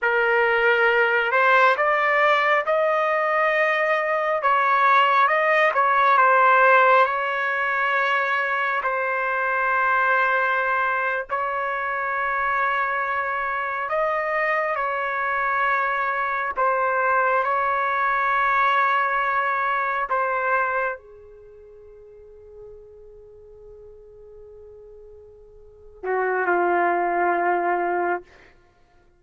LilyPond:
\new Staff \with { instrumentName = "trumpet" } { \time 4/4 \tempo 4 = 68 ais'4. c''8 d''4 dis''4~ | dis''4 cis''4 dis''8 cis''8 c''4 | cis''2 c''2~ | c''8. cis''2. dis''16~ |
dis''8. cis''2 c''4 cis''16~ | cis''2~ cis''8. c''4 gis'16~ | gis'1~ | gis'4. fis'8 f'2 | }